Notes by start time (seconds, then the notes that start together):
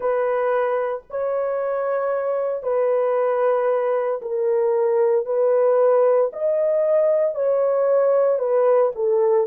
0.00 B4
1.10 C#5
2.63 B4
4.21 A#4
5.25 B4
6.32 D#5
7.34 C#5
8.39 B4
8.95 A4